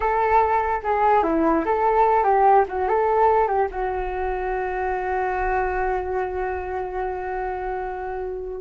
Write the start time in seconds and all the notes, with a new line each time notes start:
0.00 A4
0.83 G#4
1.23 E4
1.65 A4
2.23 G4
2.68 F#4
2.88 A4
3.47 G4
3.71 F#4